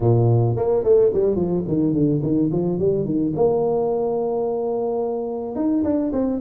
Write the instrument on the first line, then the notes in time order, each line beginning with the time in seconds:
tuba
0.00 A#2
0.56 A#3
0.83 A3
1.13 G3
1.35 F3
1.67 D#3
1.93 D3
2.22 D#3
2.52 F3
2.78 G3
3.05 D#3
3.35 A#3
5.55 D#4
5.83 D4
6.12 C4